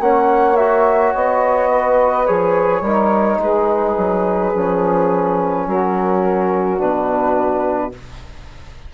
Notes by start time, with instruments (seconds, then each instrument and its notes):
0.00 bassoon A#3, trombone C#4, saxophone C#5, flute F#5
0.56 trombone F#4, flute E5
1.14 bassoon B3, flute D#5
1.70 saxophone B4
2.26 bassoon F3, trombone G#4, flute C#5
2.81 bassoon G3, trombone D#4, saxophone A#4
3.38 bassoon G#3, saxophone G#4, flute B4
3.98 bassoon F#3
4.54 bassoon F3, trombone C#4
5.66 bassoon F#3, saxophone F#4, flute A#4
6.79 bassoon B2, trombone D4, flute B4